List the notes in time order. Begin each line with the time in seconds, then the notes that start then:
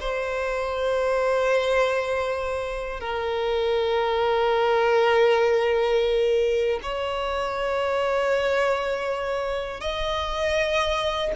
0.00 C5
3.00 A#4
6.83 C#5
9.80 D#5